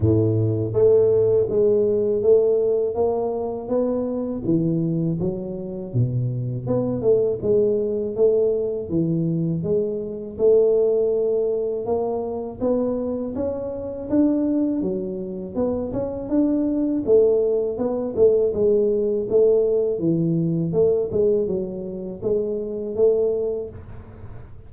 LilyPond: \new Staff \with { instrumentName = "tuba" } { \time 4/4 \tempo 4 = 81 a,4 a4 gis4 a4 | ais4 b4 e4 fis4 | b,4 b8 a8 gis4 a4 | e4 gis4 a2 |
ais4 b4 cis'4 d'4 | fis4 b8 cis'8 d'4 a4 | b8 a8 gis4 a4 e4 | a8 gis8 fis4 gis4 a4 | }